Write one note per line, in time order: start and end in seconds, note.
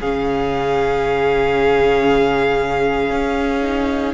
0.00 3.11 C#3
0.00 3.62 C#4
0.00 4.14 G#4
0.00 4.14 F5
3.11 4.14 C#4
3.62 4.13 D#4